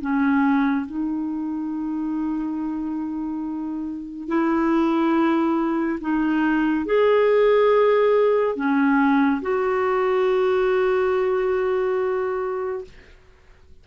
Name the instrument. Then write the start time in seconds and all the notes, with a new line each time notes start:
clarinet
0.00 C#4
0.86 D#4
4.28 E4
6.00 D#4
6.85 G#4
8.55 C#4
9.41 F#4